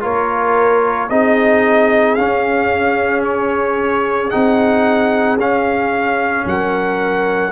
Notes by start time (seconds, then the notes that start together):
0.00 A#3 F4 A#4 C#5
1.09 C4 D#4 G#4 D#5
2.15 C#4 F5
3.24 C#5
4.30 C4 D#4 F#5
5.36 C#4 F5
6.45 F#3 A#4 F#5